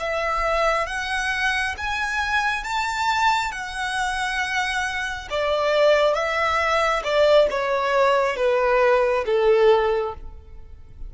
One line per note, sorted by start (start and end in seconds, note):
0.00 0.87 E5
0.87 1.75 F#5
1.77 2.64 G#5
2.64 3.52 A5
3.52 5.28 F#5
5.30 6.14 D5
6.14 7.03 E5
7.04 7.48 D5
7.50 8.37 C#5
8.37 9.25 B4
9.26 10.14 A4